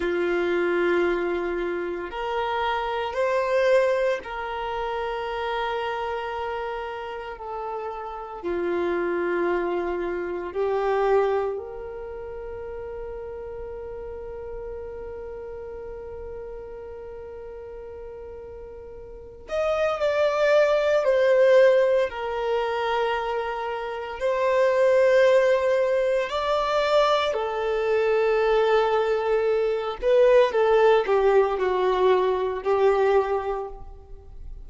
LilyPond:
\new Staff \with { instrumentName = "violin" } { \time 4/4 \tempo 4 = 57 f'2 ais'4 c''4 | ais'2. a'4 | f'2 g'4 ais'4~ | ais'1~ |
ais'2~ ais'8 dis''8 d''4 | c''4 ais'2 c''4~ | c''4 d''4 a'2~ | a'8 b'8 a'8 g'8 fis'4 g'4 | }